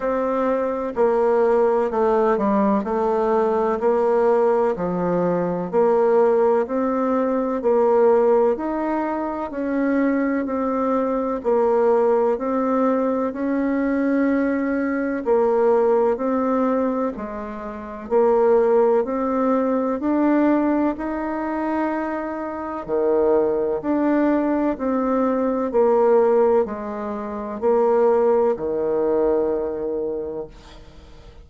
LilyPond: \new Staff \with { instrumentName = "bassoon" } { \time 4/4 \tempo 4 = 63 c'4 ais4 a8 g8 a4 | ais4 f4 ais4 c'4 | ais4 dis'4 cis'4 c'4 | ais4 c'4 cis'2 |
ais4 c'4 gis4 ais4 | c'4 d'4 dis'2 | dis4 d'4 c'4 ais4 | gis4 ais4 dis2 | }